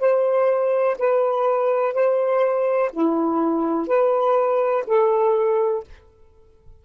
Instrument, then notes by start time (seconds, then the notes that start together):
saxophone
0.00 C5
0.99 B4
1.94 C5
2.93 E4
3.88 B4
4.87 A4